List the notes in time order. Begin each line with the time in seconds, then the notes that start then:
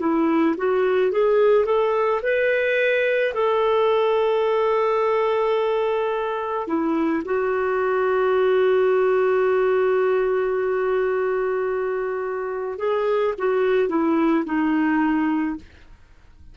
0.00 E4
0.57 F#4
1.12 G#4
1.65 A4
2.23 B4
3.34 A4
6.67 E4
7.25 F#4
12.78 G#4
13.38 F#4
13.89 E4
14.45 D#4